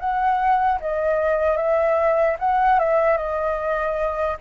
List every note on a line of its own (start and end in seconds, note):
0.00 0.80 F#5
0.81 1.57 D#5
1.57 2.37 E5
2.40 2.80 F#5
2.80 3.18 E5
3.18 4.38 D#5